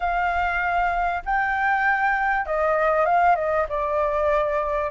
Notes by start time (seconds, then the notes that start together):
0.00 F5
1.25 G5
2.45 D#5
3.05 F5
3.35 D#5
3.68 D5